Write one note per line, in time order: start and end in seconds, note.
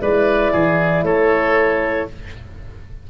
0.00 0.52 G#3
0.00 2.10 E4
0.00 0.52 B4
0.00 1.04 D5
0.52 1.02 E3
0.52 1.04 G#4
1.02 2.06 A3
1.02 2.09 A4
1.02 2.08 C#5